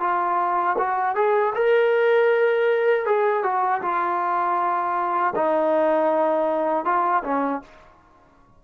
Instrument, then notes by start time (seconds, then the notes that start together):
trombone
0.00 F4
0.78 F#4
1.15 G#4
1.55 A#4
3.06 G#4
3.43 F#4
3.82 F4
5.35 D#4
6.85 F4
7.24 C#4